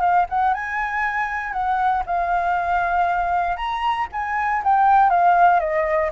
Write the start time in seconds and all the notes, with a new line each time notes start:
0.00 F5
0.29 F#5
0.53 G#5
1.52 F#5
2.06 F5
3.56 A#5
4.12 G#5
4.63 G5
5.09 F5
5.60 D#5